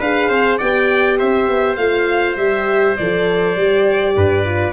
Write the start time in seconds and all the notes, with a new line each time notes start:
0.00 D4 G#4 B4 F5
0.29 C4 C5
0.58 B3 G4 D5 G5
1.19 C4 C5 E5
1.49 B3
1.76 A3 F4 F5
2.37 G3 G4 E5
2.97 F3 A4 D5
3.56 G3 G4
4.16 G2 B4
4.45 F4